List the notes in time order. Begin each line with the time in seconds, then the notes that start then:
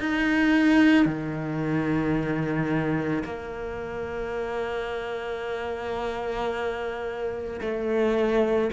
0.00 D#4
1.05 D#3
3.24 A#3
7.61 A3